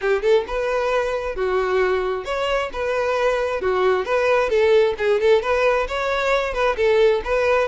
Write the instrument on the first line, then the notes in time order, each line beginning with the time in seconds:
violin
0.01 G4
0.22 A4
0.47 B4
1.35 F#4
2.24 C#5
2.72 B4
3.61 F#4
4.05 B4
4.49 A4
4.97 G#4
5.20 A4
5.42 B4
5.87 C#5
6.53 B4
6.76 A4
7.24 B4